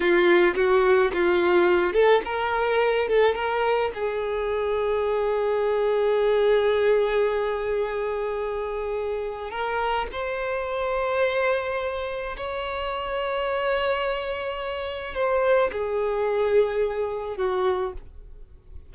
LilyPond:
\new Staff \with { instrumentName = "violin" } { \time 4/4 \tempo 4 = 107 f'4 fis'4 f'4. a'8 | ais'4. a'8 ais'4 gis'4~ | gis'1~ | gis'1~ |
gis'4 ais'4 c''2~ | c''2 cis''2~ | cis''2. c''4 | gis'2. fis'4 | }